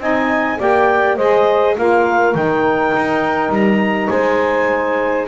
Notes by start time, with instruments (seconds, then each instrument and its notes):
0.00 double bass C4, saxophone D#4 D#5, clarinet G#5
0.58 double bass A#3, saxophone G4 D5, clarinet G5
1.17 double bass G#3, saxophone G#4 C5, clarinet D#5
1.77 double bass A#3, saxophone F4 A#4, clarinet F5
2.34 double bass D#3, saxophone D#4, clarinet G5
2.97 double bass D#4
3.50 double bass G3, clarinet A#5
4.10 double bass G#3, saxophone C5, clarinet G#5